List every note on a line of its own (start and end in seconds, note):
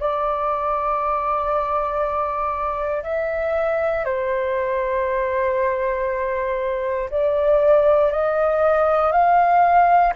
0.00 3.03 D5
3.03 4.05 E5
4.05 7.10 C5
7.11 8.12 D5
8.12 9.12 D#5
9.12 10.14 F5